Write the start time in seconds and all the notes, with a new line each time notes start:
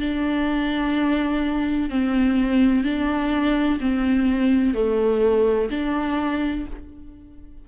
0.00 D4
1.90 C4
2.84 D4
3.80 C4
4.74 A3
5.70 D4